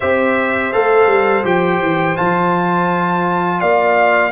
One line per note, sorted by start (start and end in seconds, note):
0.00 0.74 C4
0.00 0.72 G4
0.00 3.58 C5
0.00 0.72 E5
0.72 1.06 A3
0.72 1.44 A4
0.72 1.45 F5
1.06 1.43 G3
1.44 1.81 F3
1.44 2.16 G4
1.44 2.16 G5
1.81 2.17 E3
2.16 3.62 F3
2.16 4.31 F4
2.16 3.60 A5
3.60 4.31 A#3
3.60 4.31 D5
3.60 4.31 F5